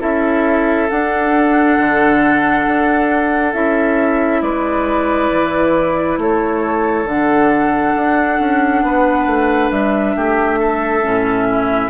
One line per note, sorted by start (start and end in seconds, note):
0.00 0.90 C#4
0.00 0.88 E4
0.00 4.42 A4
0.00 0.90 E5
0.90 1.79 D4
0.90 3.53 D4
0.90 3.54 F#5
1.79 2.67 D3
2.68 3.54 D4
3.53 4.42 C#4
3.53 7.06 E4
3.53 4.42 E5
4.42 5.30 G#3
4.42 6.20 B4
4.42 6.19 D5
5.31 6.18 E3
6.18 7.06 A3
6.18 8.86 A4
6.18 7.08 C#5
7.06 7.94 D3
7.06 11.03 D4
7.06 9.72 F#5
7.97 8.40 D4
8.40 8.83 C#4
8.83 9.27 B3
8.83 10.16 B4
9.27 9.71 A3
9.72 10.16 G3
9.72 11.90 E5
10.16 11.04 A3
10.16 10.59 G4
10.59 11.48 A4
11.03 11.90 A2
11.03 11.90 C#4
11.50 11.90 E4